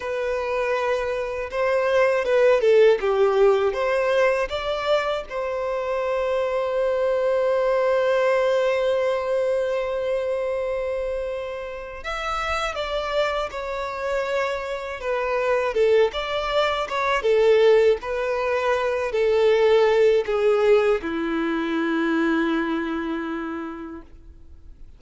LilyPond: \new Staff \with { instrumentName = "violin" } { \time 4/4 \tempo 4 = 80 b'2 c''4 b'8 a'8 | g'4 c''4 d''4 c''4~ | c''1~ | c''1 |
e''4 d''4 cis''2 | b'4 a'8 d''4 cis''8 a'4 | b'4. a'4. gis'4 | e'1 | }